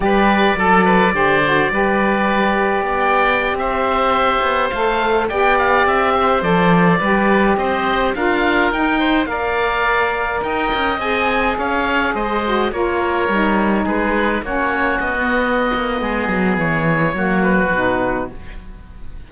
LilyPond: <<
  \new Staff \with { instrumentName = "oboe" } { \time 4/4 \tempo 4 = 105 d''1~ | d''4~ d''16 g''4 e''4.~ e''16~ | e''16 f''4 g''8 f''8 e''4 d''8.~ | d''4~ d''16 dis''4 f''4 g''8.~ |
g''16 f''2 g''4 gis''8.~ | gis''16 f''4 dis''4 cis''4.~ cis''16~ | cis''16 b'4 cis''4 dis''4.~ dis''16~ | dis''4 cis''4. b'4. | }
  \new Staff \with { instrumentName = "oboe" } { \time 4/4 b'4 a'8 b'8 c''4 b'4~ | b'4 d''4~ d''16 c''4.~ c''16~ | c''4~ c''16 d''4. c''4~ c''16~ | c''16 b'4 c''4 ais'4. c''16~ |
c''16 d''2 dis''4.~ dis''16~ | dis''16 cis''4 c''4 ais'4.~ ais'16~ | ais'16 gis'4 fis'2~ fis'8. | gis'2 fis'2 | }
  \new Staff \with { instrumentName = "saxophone" } { \time 4/4 g'4 a'4 g'8 fis'8 g'4~ | g'1~ | g'16 a'4 g'2 a'8.~ | a'16 g'2 f'4 dis'8.~ |
dis'16 ais'2. gis'8.~ | gis'4.~ gis'16 fis'8 f'4 dis'8.~ | dis'4~ dis'16 cis'4~ cis'16 b4.~ | b2 ais4 dis'4 | }
  \new Staff \with { instrumentName = "cello" } { \time 4/4 g4 fis4 d4 g4~ | g4 b4~ b16 c'4. b16~ | b16 a4 b4 c'4 f8.~ | f16 g4 c'4 d'4 dis'8.~ |
dis'16 ais2 dis'8 cis'8 c'8.~ | c'16 cis'4 gis4 ais4 g8.~ | g16 gis4 ais4 b4~ b16 ais8 | gis8 fis8 e4 fis4 b,4 | }
>>